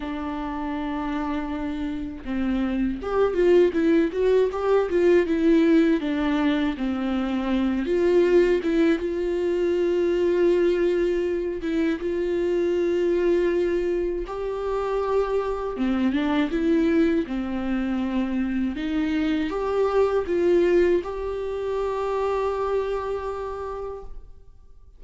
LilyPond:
\new Staff \with { instrumentName = "viola" } { \time 4/4 \tempo 4 = 80 d'2. c'4 | g'8 f'8 e'8 fis'8 g'8 f'8 e'4 | d'4 c'4. f'4 e'8 | f'2.~ f'8 e'8 |
f'2. g'4~ | g'4 c'8 d'8 e'4 c'4~ | c'4 dis'4 g'4 f'4 | g'1 | }